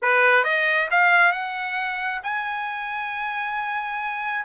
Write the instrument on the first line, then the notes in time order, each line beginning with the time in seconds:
trumpet
0.01 B4
0.44 D#5
0.91 F5
1.32 F#5
2.23 G#5